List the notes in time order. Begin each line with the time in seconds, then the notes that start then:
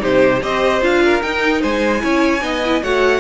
0.00 C3 D#4 G4 C5
0.43 C4 G4 C5 D#5
0.82 D4 F4 F5
1.04 A#4
1.22 D#4 G5
1.62 G#3 C5 G#5
2.00 C#4 E4 C#5
2.42 B3 D#4 D#5
2.65 E4
2.83 A3 F#4 C#5 F#5